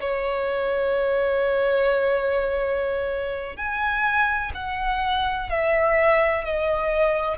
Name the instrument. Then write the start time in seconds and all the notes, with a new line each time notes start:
violin
0.00 C#5
3.56 G#5
4.54 F#5
5.49 E5
6.44 D#5